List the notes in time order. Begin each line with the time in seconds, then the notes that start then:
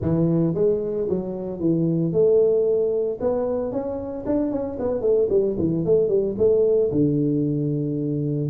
0.01 E3
0.54 G#3
1.09 F#3
1.60 E3
2.12 A3
3.20 B3
3.71 C#4
4.26 D4
4.51 C#4
4.79 B3
5.01 A3
5.29 G3
5.58 E3
5.85 A3
6.08 G3
6.37 A3
6.91 D3